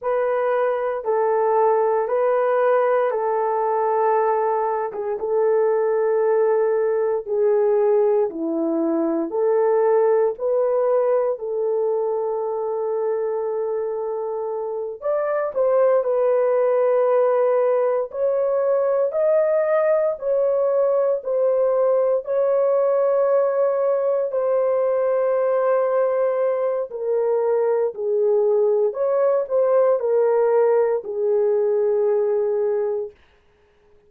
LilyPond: \new Staff \with { instrumentName = "horn" } { \time 4/4 \tempo 4 = 58 b'4 a'4 b'4 a'4~ | a'8. gis'16 a'2 gis'4 | e'4 a'4 b'4 a'4~ | a'2~ a'8 d''8 c''8 b'8~ |
b'4. cis''4 dis''4 cis''8~ | cis''8 c''4 cis''2 c''8~ | c''2 ais'4 gis'4 | cis''8 c''8 ais'4 gis'2 | }